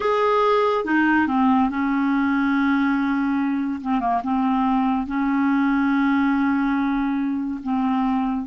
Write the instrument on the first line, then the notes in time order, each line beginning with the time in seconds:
clarinet
0.00 G#4
0.85 D#4
1.27 C4
1.69 C#4
3.81 C4
4.00 A#3
4.23 C4
5.06 C#4
7.63 C4